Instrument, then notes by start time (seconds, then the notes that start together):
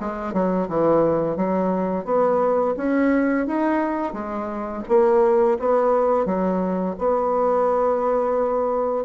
bassoon
0.00 G#3
0.33 F#3
0.68 E3
1.36 F#3
2.05 B3
2.77 C#4
3.47 D#4
4.13 G#3
4.88 A#3
5.59 B3
6.26 F#3
6.98 B3